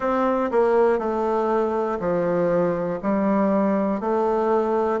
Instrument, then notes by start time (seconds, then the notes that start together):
bassoon
0.00 C4
0.51 A#3
0.98 A3
1.99 F3
3.02 G3
4.00 A3